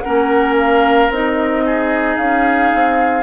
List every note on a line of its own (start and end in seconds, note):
0.00 1.11 C#4
0.00 1.65 A#4
0.00 0.54 F#5
0.07 1.10 A#3
0.58 1.11 F5
1.10 2.17 C4
1.10 3.23 D#4
1.10 2.17 D#5
1.66 3.23 G#4
2.17 2.71 C#4
2.17 3.23 F5
2.75 3.23 C4